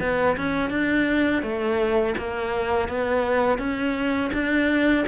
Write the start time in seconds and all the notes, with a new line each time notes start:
0.00 B3
0.37 C#4
0.70 D4
1.43 A3
2.18 A#3
2.88 B3
3.58 C#4
4.33 D4